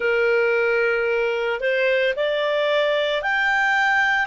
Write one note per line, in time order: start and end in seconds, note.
0.00 1.60 A#4
1.60 2.14 C5
2.15 3.22 D5
3.22 4.26 G5